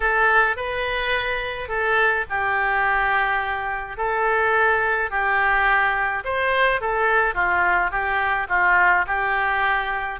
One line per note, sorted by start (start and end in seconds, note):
0.00 0.56 A4
0.56 1.68 B4
1.68 2.24 A4
2.29 3.97 G4
3.97 5.10 A4
5.10 6.23 G4
6.24 6.81 C5
6.81 7.34 A4
7.34 7.90 F4
7.90 8.47 G4
8.49 9.05 F4
9.06 10.19 G4